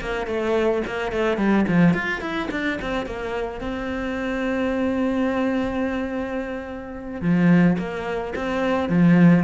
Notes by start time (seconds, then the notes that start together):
0.00 A#3
0.26 A3
0.86 A#3
1.11 A3
1.37 G3
1.68 F3
1.94 F4
2.20 E4
2.51 D4
2.81 C4
3.06 A#3
3.60 C4
7.21 F3
7.78 A#3
8.35 C4
8.89 F3